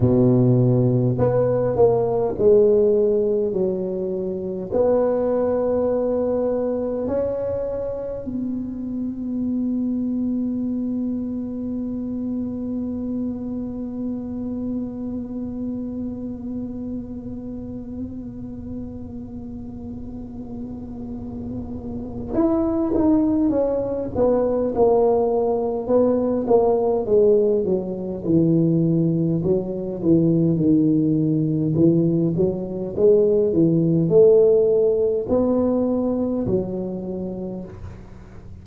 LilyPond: \new Staff \with { instrumentName = "tuba" } { \time 4/4 \tempo 4 = 51 b,4 b8 ais8 gis4 fis4 | b2 cis'4 b4~ | b1~ | b1~ |
b2. e'8 dis'8 | cis'8 b8 ais4 b8 ais8 gis8 fis8 | e4 fis8 e8 dis4 e8 fis8 | gis8 e8 a4 b4 fis4 | }